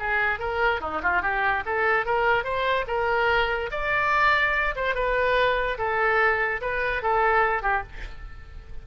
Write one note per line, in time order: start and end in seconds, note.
0.00 0.40 G#4
0.40 0.81 A#4
0.81 1.02 D#4
1.03 1.23 F4
1.23 1.64 G4
1.66 2.06 A4
2.06 2.45 A#4
2.45 2.86 C5
2.88 3.71 A#4
3.72 4.75 D5
4.76 4.95 C5
4.95 5.78 B4
5.78 6.61 A4
6.62 7.03 B4
7.03 7.63 A4
7.63 7.83 G4